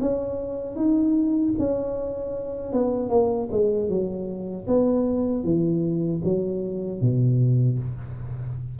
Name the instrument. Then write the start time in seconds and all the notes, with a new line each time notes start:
tuba
0.00 C#4
0.75 D#4
1.58 C#4
2.72 B3
3.09 A#3
3.51 G#3
3.89 F#3
4.67 B3
5.43 E3
6.24 F#3
7.01 B2